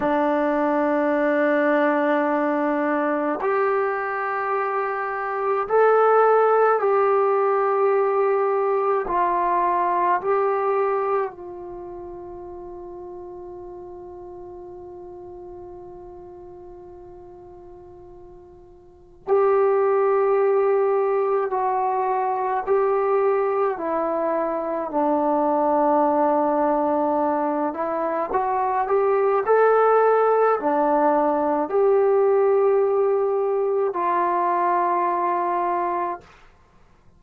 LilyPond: \new Staff \with { instrumentName = "trombone" } { \time 4/4 \tempo 4 = 53 d'2. g'4~ | g'4 a'4 g'2 | f'4 g'4 f'2~ | f'1~ |
f'4 g'2 fis'4 | g'4 e'4 d'2~ | d'8 e'8 fis'8 g'8 a'4 d'4 | g'2 f'2 | }